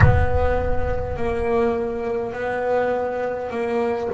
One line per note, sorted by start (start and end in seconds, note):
0.00 1.16 B3
1.16 2.33 A#3
2.33 3.50 B3
3.50 4.09 A#3